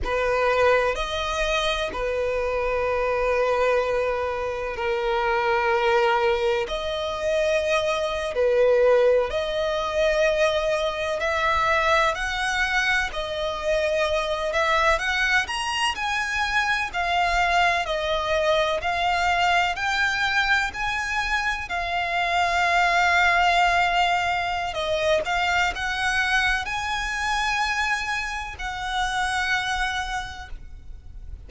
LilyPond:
\new Staff \with { instrumentName = "violin" } { \time 4/4 \tempo 4 = 63 b'4 dis''4 b'2~ | b'4 ais'2 dis''4~ | dis''8. b'4 dis''2 e''16~ | e''8. fis''4 dis''4. e''8 fis''16~ |
fis''16 ais''8 gis''4 f''4 dis''4 f''16~ | f''8. g''4 gis''4 f''4~ f''16~ | f''2 dis''8 f''8 fis''4 | gis''2 fis''2 | }